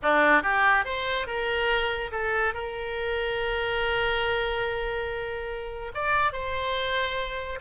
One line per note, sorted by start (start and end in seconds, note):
0.02 0.42 D4
0.42 0.85 G4
0.85 1.26 C5
1.26 2.11 A#4
2.11 2.54 A4
2.54 5.92 A#4
5.94 6.32 D5
6.32 7.59 C5